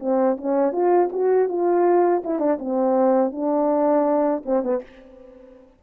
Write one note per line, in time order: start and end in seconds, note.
0.00 0.37 C4
0.37 0.72 C#4
0.72 1.09 F4
1.12 1.48 F#4
1.48 2.23 F4
2.24 2.39 E4
2.39 2.58 D4
2.59 3.32 C4
3.32 4.43 D4
4.45 4.63 C4
4.63 4.82 B3